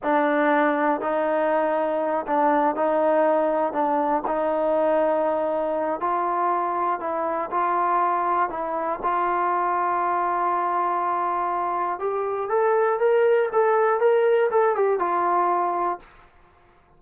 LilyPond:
\new Staff \with { instrumentName = "trombone" } { \time 4/4 \tempo 4 = 120 d'2 dis'2~ | dis'8 d'4 dis'2 d'8~ | d'8 dis'2.~ dis'8 | f'2 e'4 f'4~ |
f'4 e'4 f'2~ | f'1 | g'4 a'4 ais'4 a'4 | ais'4 a'8 g'8 f'2 | }